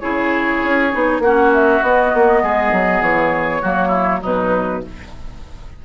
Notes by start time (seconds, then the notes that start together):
0.00 C#3 E4 G#4 C#5
0.64 C#4
0.93 B3 D#4
1.20 A#3 F#4 F#5
1.26 C#4
1.54 E5
1.82 B3 D#5
2.14 A#3
2.43 G#3 G#4
2.72 F#3
3.01 E3 C#5
3.62 F#3 A#3 F#4
3.88 E4
4.22 B2 F#3 D#4 B4